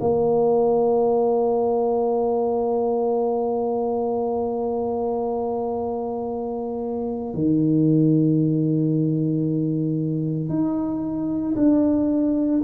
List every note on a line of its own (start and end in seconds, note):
0.00 7.34 A#3
7.34 10.49 D#3
10.49 11.55 D#4
11.56 12.62 D4